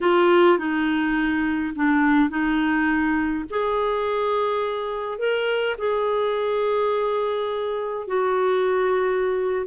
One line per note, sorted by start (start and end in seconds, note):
0.00 0.58 F4
0.58 1.74 D#4
1.75 2.29 D4
2.29 3.45 D#4
3.50 5.18 G#4
5.18 5.76 A#4
5.77 8.07 G#4
8.07 9.66 F#4